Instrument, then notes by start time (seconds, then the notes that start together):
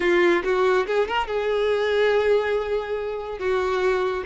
violin
0.00 F4
0.44 F#4
0.86 G#4
1.08 A#4
1.27 G#4
3.38 F#4